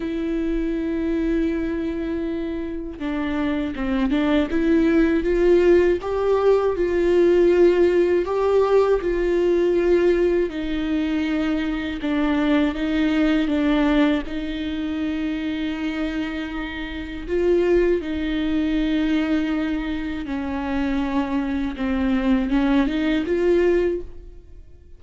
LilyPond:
\new Staff \with { instrumentName = "viola" } { \time 4/4 \tempo 4 = 80 e'1 | d'4 c'8 d'8 e'4 f'4 | g'4 f'2 g'4 | f'2 dis'2 |
d'4 dis'4 d'4 dis'4~ | dis'2. f'4 | dis'2. cis'4~ | cis'4 c'4 cis'8 dis'8 f'4 | }